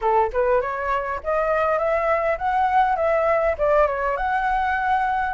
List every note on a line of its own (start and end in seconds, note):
0.01 0.30 A4
0.33 0.61 B4
0.61 1.20 C#5
1.23 1.78 D#5
1.78 2.37 E5
2.38 2.96 F#5
2.96 3.55 E5
3.58 3.86 D5
3.86 4.16 C#5
4.17 5.34 F#5